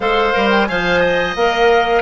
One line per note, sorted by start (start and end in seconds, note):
0.00 0.32 G#3
0.00 0.33 A4
0.00 0.68 C5
0.00 0.49 F5
0.33 0.69 G3
0.33 0.67 A#4
0.50 0.65 G5
0.65 1.35 F3
0.65 1.37 C5
0.65 0.99 F5
0.65 1.34 G#5
0.99 2.01 D#5
1.35 2.01 A#3
1.35 2.01 A#4
1.35 2.01 F5